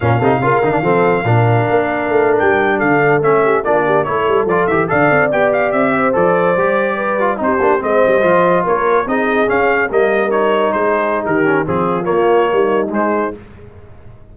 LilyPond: <<
  \new Staff \with { instrumentName = "trumpet" } { \time 4/4 \tempo 4 = 144 f''1~ | f''4.~ f''16 g''4 f''4 e''16~ | e''8. d''4 cis''4 d''8 e''8 f''16~ | f''8. g''8 f''8 e''4 d''4~ d''16~ |
d''4.~ d''16 c''4 dis''4~ dis''16~ | dis''8. cis''4 dis''4 f''4 dis''16~ | dis''8. cis''4 c''4~ c''16 ais'4 | gis'4 cis''2 c''4 | }
  \new Staff \with { instrumentName = "horn" } { \time 4/4 ais'8 a'8 ais'4 a'4 ais'4~ | ais'2~ ais'8. a'4~ a'16~ | a'16 g'8 f'8 g'8 a'2 d''16~ | d''2~ d''16 c''4.~ c''16~ |
c''8. b'4 g'4 c''4~ c''16~ | c''8. ais'4 gis'2 ais'16~ | ais'4.~ ais'16 gis'4~ gis'16 g'4 | f'2 dis'2 | }
  \new Staff \with { instrumentName = "trombone" } { \time 4/4 cis'8 dis'8 f'8 dis'16 d'16 c'4 d'4~ | d'2.~ d'8. cis'16~ | cis'8. d'4 e'4 f'8 g'8 a'16~ | a'8. g'2 a'4 g'16~ |
g'4~ g'16 f'8 dis'8 d'8 c'4 f'16~ | f'4.~ f'16 dis'4 cis'4 ais16~ | ais8. dis'2~ dis'8. cis'8 | c'4 ais2 gis4 | }
  \new Staff \with { instrumentName = "tuba" } { \time 4/4 ais,8 c8 cis8 dis8 f4 ais,4 | ais4 a8. g4 d4 a16~ | a8. ais4 a8 g8 f8 e8 d16~ | d16 c'8 b4 c'4 f4 g16~ |
g4.~ g16 c'8 ais8 gis8 g8 f16~ | f8. ais4 c'4 cis'4 g16~ | g4.~ g16 gis4~ gis16 dis4 | f4 ais4 g4 gis4 | }
>>